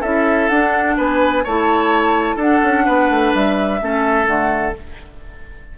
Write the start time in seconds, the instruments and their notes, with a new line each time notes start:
0.00 bassoon C#4, clarinet E4, oboe A4, flute E5
0.48 bassoon D4, clarinet D4, flute F#5
0.96 bassoon B3, oboe B4, flute G#5
1.43 bassoon A3, clarinet E4, oboe C#5, flute A5
2.35 bassoon D4, clarinet D4, oboe A4, flute F#5
2.63 bassoon C#4
2.85 bassoon B3, oboe B4
3.10 bassoon A3
3.34 bassoon G3, flute E5
3.80 bassoon A3, clarinet C#4, oboe A4
4.26 bassoon D3, clarinet A3, flute F#5